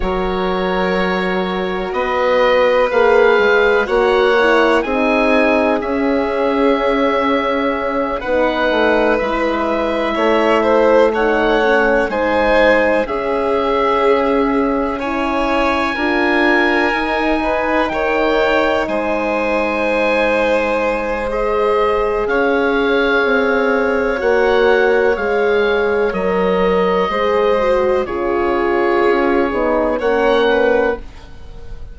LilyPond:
<<
  \new Staff \with { instrumentName = "oboe" } { \time 4/4 \tempo 4 = 62 cis''2 dis''4 f''4 | fis''4 gis''4 e''2~ | e''8 fis''4 e''2 fis''8~ | fis''8 gis''4 e''2 gis''8~ |
gis''2~ gis''8 g''4 gis''8~ | gis''2 dis''4 f''4~ | f''4 fis''4 f''4 dis''4~ | dis''4 cis''2 fis''4 | }
  \new Staff \with { instrumentName = "violin" } { \time 4/4 ais'2 b'2 | cis''4 gis'2.~ | gis'8 b'2 cis''8 c''8 cis''8~ | cis''8 c''4 gis'2 cis''8~ |
cis''8 ais'4. b'8 cis''4 c''8~ | c''2. cis''4~ | cis''1 | c''4 gis'2 cis''8 b'8 | }
  \new Staff \with { instrumentName = "horn" } { \time 4/4 fis'2. gis'4 | fis'8 e'8 dis'4 cis'2~ | cis'8 dis'4 e'2 dis'8 | cis'8 dis'4 cis'2 e'8~ |
e'8 f'4 dis'2~ dis'8~ | dis'2 gis'2~ | gis'4 fis'4 gis'4 ais'4 | gis'8 fis'8 f'4. dis'8 cis'4 | }
  \new Staff \with { instrumentName = "bassoon" } { \time 4/4 fis2 b4 ais8 gis8 | ais4 c'4 cis'2~ | cis'8 b8 a8 gis4 a4.~ | a8 gis4 cis'2~ cis'8~ |
cis'8 d'4 dis'4 dis4 gis8~ | gis2. cis'4 | c'4 ais4 gis4 fis4 | gis4 cis4 cis'8 b8 ais4 | }
>>